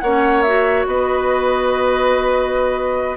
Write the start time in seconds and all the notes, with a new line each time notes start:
0.00 A#3 C#4 C#5 F#5
0.42 F#4 E5
0.86 B3 B4 D#5